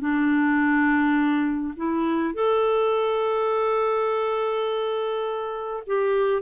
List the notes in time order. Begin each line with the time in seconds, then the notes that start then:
0.00 D4
1.77 E4
2.35 A4
5.87 G4